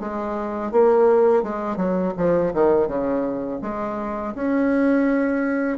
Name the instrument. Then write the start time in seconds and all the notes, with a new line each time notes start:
bassoon
0.00 G#3
0.71 A#3
1.43 G#3
1.76 F#3
2.17 F3
2.53 D#3
2.88 C#3
3.61 G#3
4.34 C#4